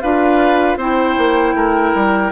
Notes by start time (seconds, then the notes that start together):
0.00 D4 F4 B4 F5
0.77 C4 E4 C5 G5
1.17 A#3
1.54 A3 A#4
1.94 G3